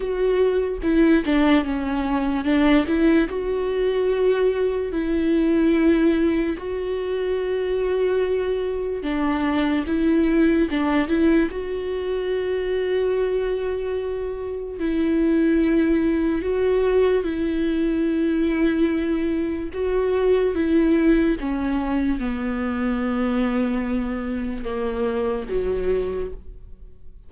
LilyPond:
\new Staff \with { instrumentName = "viola" } { \time 4/4 \tempo 4 = 73 fis'4 e'8 d'8 cis'4 d'8 e'8 | fis'2 e'2 | fis'2. d'4 | e'4 d'8 e'8 fis'2~ |
fis'2 e'2 | fis'4 e'2. | fis'4 e'4 cis'4 b4~ | b2 ais4 fis4 | }